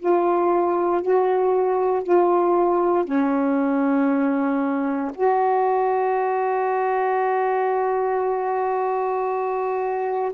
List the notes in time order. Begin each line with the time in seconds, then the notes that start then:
0.00 F4
1.03 F#4
2.04 F4
3.06 C#4
5.15 F#4